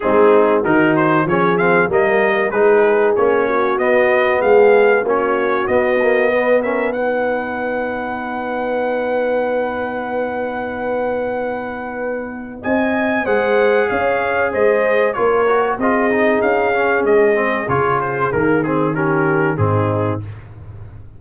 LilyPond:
<<
  \new Staff \with { instrumentName = "trumpet" } { \time 4/4 \tempo 4 = 95 gis'4 ais'8 c''8 cis''8 f''8 dis''4 | b'4 cis''4 dis''4 f''4 | cis''4 dis''4. e''8 fis''4~ | fis''1~ |
fis''1 | gis''4 fis''4 f''4 dis''4 | cis''4 dis''4 f''4 dis''4 | cis''8 c''8 ais'8 gis'8 ais'4 gis'4 | }
  \new Staff \with { instrumentName = "horn" } { \time 4/4 dis'4 fis'4 gis'4 ais'4 | gis'4. fis'4. gis'4 | fis'2 b'8 ais'8 b'4~ | b'1~ |
b'1 | dis''4 c''4 cis''4 c''4 | ais'4 gis'2.~ | gis'2 g'4 dis'4 | }
  \new Staff \with { instrumentName = "trombone" } { \time 4/4 c'4 dis'4 cis'8 c'8 ais4 | dis'4 cis'4 b2 | cis'4 b8 ais8 b8 cis'8 dis'4~ | dis'1~ |
dis'1~ | dis'4 gis'2. | f'8 fis'8 f'8 dis'4 cis'4 c'8 | f'4 ais8 c'8 cis'4 c'4 | }
  \new Staff \with { instrumentName = "tuba" } { \time 4/4 gis4 dis4 f4 g4 | gis4 ais4 b4 gis4 | ais4 b2.~ | b1~ |
b1 | c'4 gis4 cis'4 gis4 | ais4 c'4 cis'4 gis4 | cis4 dis2 gis,4 | }
>>